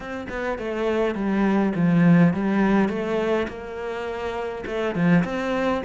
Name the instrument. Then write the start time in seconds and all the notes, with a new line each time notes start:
cello
0.00 C4
0.29 B3
0.58 A3
1.14 G3
1.75 F3
2.33 G3
2.88 A3
3.48 A#3
4.66 A3
4.95 F3
5.24 C4